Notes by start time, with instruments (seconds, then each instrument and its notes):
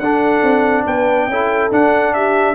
0.00 tuba D4, trombone D4, horn A4, trumpet F#5
0.43 tuba C4
0.87 tuba B3, horn B4, trumpet G5
1.28 tuba C#4, trombone E4, horn A4
1.72 trombone D4, tuba D4, trumpet F#5
2.14 horn G4, trumpet E5